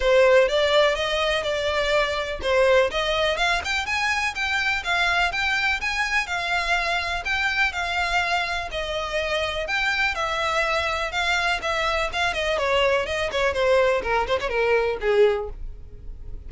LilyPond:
\new Staff \with { instrumentName = "violin" } { \time 4/4 \tempo 4 = 124 c''4 d''4 dis''4 d''4~ | d''4 c''4 dis''4 f''8 g''8 | gis''4 g''4 f''4 g''4 | gis''4 f''2 g''4 |
f''2 dis''2 | g''4 e''2 f''4 | e''4 f''8 dis''8 cis''4 dis''8 cis''8 | c''4 ais'8 c''16 cis''16 ais'4 gis'4 | }